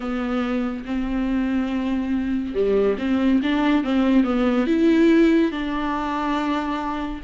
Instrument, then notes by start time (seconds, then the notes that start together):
viola
0.00 B3
0.85 C4
2.54 G3
2.98 C4
3.43 D4
3.84 C4
4.24 B3
4.66 E4
5.51 D4